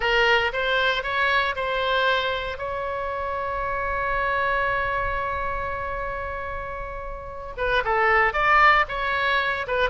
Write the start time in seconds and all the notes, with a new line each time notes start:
0.00 A#4
0.52 C5
1.03 C#5
1.55 C5
2.58 C#5
7.57 B4
7.84 A4
8.33 D5
8.88 C#5
9.67 B4